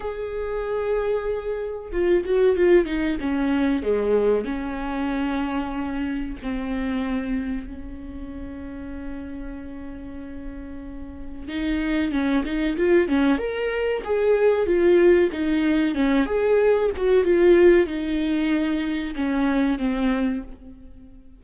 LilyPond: \new Staff \with { instrumentName = "viola" } { \time 4/4 \tempo 4 = 94 gis'2. f'8 fis'8 | f'8 dis'8 cis'4 gis4 cis'4~ | cis'2 c'2 | cis'1~ |
cis'2 dis'4 cis'8 dis'8 | f'8 cis'8 ais'4 gis'4 f'4 | dis'4 cis'8 gis'4 fis'8 f'4 | dis'2 cis'4 c'4 | }